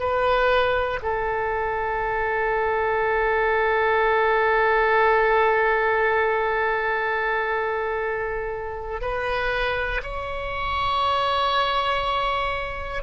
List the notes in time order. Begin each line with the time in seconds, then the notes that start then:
0.00 B4
1.03 A4
9.01 B4
10.03 C#5